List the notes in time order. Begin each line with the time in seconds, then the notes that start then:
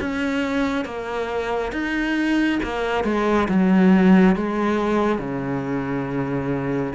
0.00 C#4
0.85 A#3
1.72 D#4
2.63 A#3
3.04 G#3
3.49 F#3
4.36 G#3
5.19 C#3